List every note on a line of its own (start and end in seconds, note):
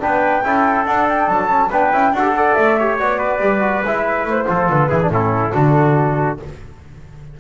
0.00 0.44 B3
0.00 0.43 D4
0.00 0.45 B4
0.00 0.86 G5
0.44 0.86 C#4
0.44 0.87 E4
0.44 1.70 A4
0.86 1.28 D4
0.86 1.49 D4
0.86 1.07 F#5
1.09 1.29 G5
1.28 1.71 F#3
1.28 1.72 A5
1.49 1.70 C#4
1.70 1.93 B3
1.70 1.93 D4
1.70 2.13 B4
1.70 2.15 G5
1.93 2.12 C#4
1.93 2.14 E4
2.12 2.55 D4
2.12 2.22 F#4
2.12 2.37 A4
2.12 2.54 F#5
2.22 2.33 G4
2.36 2.79 A4
2.36 2.79 D5
2.54 3.00 A3
2.54 2.97 E5
2.79 3.00 G4
2.79 3.19 C#5
2.99 3.40 B3
2.99 3.40 F#4
2.99 3.84 D5
3.19 4.47 B4
3.40 3.83 G3
3.40 3.61 G4
3.61 3.82 F#4
3.85 4.25 G#3
3.85 4.47 E4
3.85 4.28 E5
4.25 4.46 A3
4.25 4.69 C5
4.47 4.69 F3
4.47 4.90 F4
4.47 4.90 A4
4.69 4.91 D3
4.69 5.11 B4
4.90 5.09 E3
4.90 5.00 E4
4.90 5.11 G#4
5.02 5.12 D4
5.09 5.52 A2
5.09 5.52 C#4
5.09 5.54 E4
5.09 6.40 A4
5.52 6.40 D3
5.52 6.38 D4
5.52 6.39 F#4